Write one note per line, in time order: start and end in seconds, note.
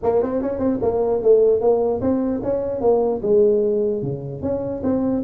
0.02 0.22 A#3
0.22 0.42 C4
0.42 0.59 C#4
0.59 0.79 C4
0.82 1.22 A#3
1.22 1.60 A3
1.60 2.00 A#3
2.01 2.41 C4
2.43 2.81 C#4
2.81 3.21 A#3
3.22 4.02 G#3
4.02 4.42 C#3
4.42 4.82 C#4
4.83 5.23 C4